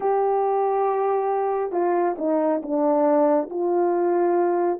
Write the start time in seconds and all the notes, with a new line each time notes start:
0.00 G4
1.72 F4
2.17 D#4
2.62 D4
3.49 F4